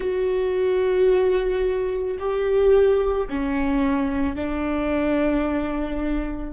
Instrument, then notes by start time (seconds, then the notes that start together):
viola
0.00 F#4
2.19 G4
3.29 C#4
4.35 D4